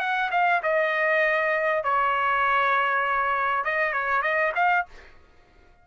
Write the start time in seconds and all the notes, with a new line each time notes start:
0.00 F#5
0.32 F5
0.63 D#5
1.84 C#5
3.65 D#5
3.93 C#5
4.23 D#5
4.56 F5